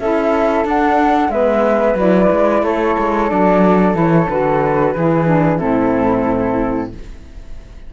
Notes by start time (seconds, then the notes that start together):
0.00 C#4 E4 A4 E5
0.65 D4 F#5
1.29 G#3 B3 B4 E5
1.95 F#3 E4 D5
2.32 G#3
2.63 A3 A4 C#5
2.99 G#3
3.28 F#3 D4 D5
3.94 E3 E4 C#5
4.30 D3 F#4 B4
4.95 E3 E4 G#4
5.27 D4
5.58 A2 C4 E4 A4